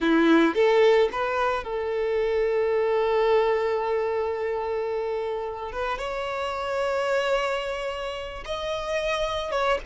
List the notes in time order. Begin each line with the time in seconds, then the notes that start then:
0.00 E4
0.55 A4
1.12 B4
1.64 A4
5.71 B4
5.98 C#5
8.45 D#5
9.51 C#5